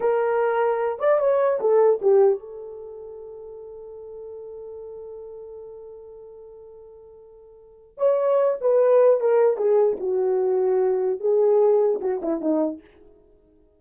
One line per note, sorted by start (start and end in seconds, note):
0.00 0.99 A#4
0.99 1.19 D5
1.19 1.59 C#5
1.60 2.00 A4
2.01 2.39 G4
2.39 7.97 A4
7.97 8.57 C#5
8.60 9.20 B4
9.20 9.57 A#4
9.57 9.97 G#4
10.00 11.20 F#4
11.20 12.00 G#4
12.01 12.21 F#4
12.21 12.40 E4
12.40 12.80 D#4